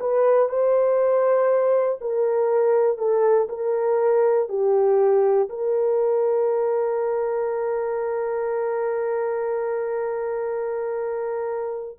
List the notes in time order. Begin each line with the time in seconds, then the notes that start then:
0.00 B4
0.48 C5
2.00 A#4
2.98 A4
3.49 A#4
4.48 G4
5.49 A#4